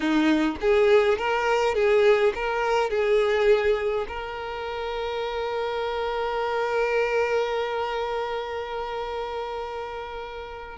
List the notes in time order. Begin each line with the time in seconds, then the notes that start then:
0.00 D#4
0.61 G#4
1.18 A#4
1.74 G#4
2.34 A#4
2.90 G#4
4.08 A#4